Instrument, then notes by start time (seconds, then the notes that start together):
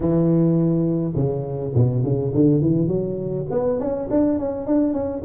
tuba
0.00 E3
1.15 C#3
1.74 B2
2.03 C#3
2.34 D3
2.61 E3
2.87 F#3
3.50 B3
3.79 C#4
4.10 D4
4.38 C#4
4.66 D4
4.93 C#4